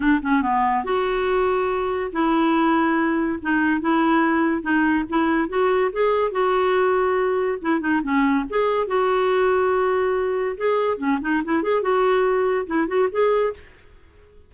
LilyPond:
\new Staff \with { instrumentName = "clarinet" } { \time 4/4 \tempo 4 = 142 d'8 cis'8 b4 fis'2~ | fis'4 e'2. | dis'4 e'2 dis'4 | e'4 fis'4 gis'4 fis'4~ |
fis'2 e'8 dis'8 cis'4 | gis'4 fis'2.~ | fis'4 gis'4 cis'8 dis'8 e'8 gis'8 | fis'2 e'8 fis'8 gis'4 | }